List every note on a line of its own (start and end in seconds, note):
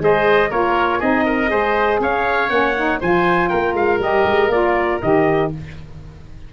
0.00 0.50 G#3
0.00 0.50 G#4
0.00 0.50 C5
0.00 0.52 D#5
0.50 1.01 A#3
0.50 1.01 F4
0.50 0.99 A#4
0.50 1.01 C#5
0.99 1.52 C4
0.99 1.48 D#4
0.99 1.24 G#4
0.99 2.01 D#5
1.26 1.51 A#4
1.48 2.00 G#3
1.48 2.48 G#4
1.48 2.01 C5
2.00 2.50 C#4
2.00 3.01 C#5
2.00 2.50 F5
2.50 3.00 A#3
2.50 2.75 C#4
2.50 3.00 F#5
2.77 3.02 D#4
3.01 3.52 F3
3.01 4.00 F4
3.01 3.50 C5
3.01 3.49 G#5
3.49 3.74 A#3
3.49 5.50 A#4
3.49 3.74 G5
3.74 3.99 G#3
3.74 4.01 F5
4.00 4.25 G3
4.00 4.50 G4
4.00 4.52 D#5
4.25 4.49 G#3
4.49 4.99 A#3
4.49 5.01 F4
4.49 5.02 D5
5.02 5.53 D#3
5.02 5.53 G4
5.02 5.52 D#5